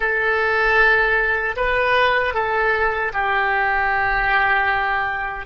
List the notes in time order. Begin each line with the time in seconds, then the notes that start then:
0.00 A4
1.56 B4
2.34 A4
3.13 G4